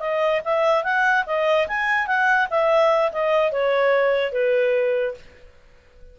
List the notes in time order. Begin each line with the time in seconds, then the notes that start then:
0.00 D#5
0.45 E5
0.84 F#5
1.26 D#5
1.68 G#5
2.07 F#5
2.50 E5
3.12 D#5
3.52 C#5
4.33 B4